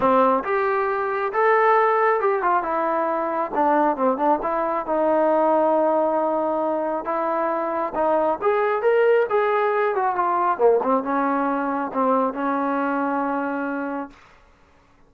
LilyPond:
\new Staff \with { instrumentName = "trombone" } { \time 4/4 \tempo 4 = 136 c'4 g'2 a'4~ | a'4 g'8 f'8 e'2 | d'4 c'8 d'8 e'4 dis'4~ | dis'1 |
e'2 dis'4 gis'4 | ais'4 gis'4. fis'8 f'4 | ais8 c'8 cis'2 c'4 | cis'1 | }